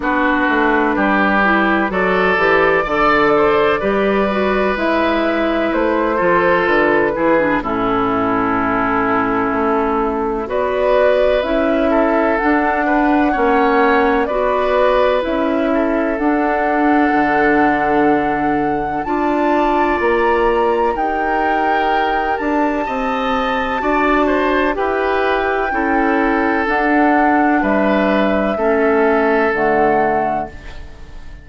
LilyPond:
<<
  \new Staff \with { instrumentName = "flute" } { \time 4/4 \tempo 4 = 63 b'2 d''2~ | d''4 e''4 c''4 b'4 | a'2. d''4 | e''4 fis''2 d''4 |
e''4 fis''2. | a''4 ais''4 g''4. a''8~ | a''2 g''2 | fis''4 e''2 fis''4 | }
  \new Staff \with { instrumentName = "oboe" } { \time 4/4 fis'4 g'4 a'4 d''8 c''8 | b'2~ b'8 a'4 gis'8 | e'2. b'4~ | b'8 a'4 b'8 cis''4 b'4~ |
b'8 a'2.~ a'8 | d''2 ais'2 | dis''4 d''8 c''8 b'4 a'4~ | a'4 b'4 a'2 | }
  \new Staff \with { instrumentName = "clarinet" } { \time 4/4 d'4. e'8 fis'8 g'8 a'4 | g'8 fis'8 e'4. f'4 e'16 d'16 | cis'2. fis'4 | e'4 d'4 cis'4 fis'4 |
e'4 d'2. | f'2 g'2~ | g'4 fis'4 g'4 e'4 | d'2 cis'4 a4 | }
  \new Staff \with { instrumentName = "bassoon" } { \time 4/4 b8 a8 g4 fis8 e8 d4 | g4 gis4 a8 f8 d8 e8 | a,2 a4 b4 | cis'4 d'4 ais4 b4 |
cis'4 d'4 d2 | d'4 ais4 dis'4. d'8 | c'4 d'4 e'4 cis'4 | d'4 g4 a4 d4 | }
>>